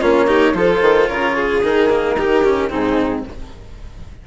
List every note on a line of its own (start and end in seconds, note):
0.00 0.53 A#3
0.00 0.27 C#4
0.00 0.27 F4
0.00 0.55 C#5
0.27 0.54 D#4
0.27 0.55 G4
0.53 0.81 F3
0.53 1.63 F4
0.53 1.09 A4
0.53 1.07 C5
0.81 1.08 D#3
1.07 1.63 C#3
1.07 1.36 A#4
1.07 1.61 C#5
1.36 2.17 G#4
1.63 2.71 D#3
1.63 1.90 D#4
1.63 2.72 A#4
1.90 2.17 A#3
2.18 2.45 D#4
2.18 2.71 G4
2.45 2.70 C#4
2.70 3.27 G#2
2.70 3.24 C4
2.70 3.25 D#4
2.70 3.26 G#4